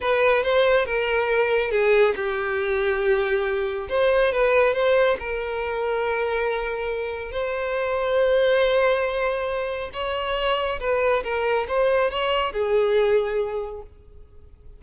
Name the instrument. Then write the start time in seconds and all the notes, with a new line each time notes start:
violin
0.00 B4
0.43 C5
0.85 A#4
1.71 G#4
2.15 G4
3.89 C5
4.32 B4
4.73 C5
5.19 A#4
7.31 C5
9.93 C#5
10.80 B4
11.23 A#4
11.67 C5
12.10 C#5
12.52 G#4